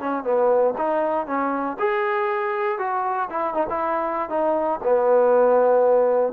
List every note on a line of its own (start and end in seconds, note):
0.00 0.24 C#4
0.24 0.74 B3
0.78 1.27 D#4
1.27 1.77 C#4
1.79 2.79 G#4
2.79 3.29 F#4
3.30 3.54 E4
3.54 3.67 D#4
3.70 4.30 E4
4.30 4.80 D#4
4.84 6.33 B3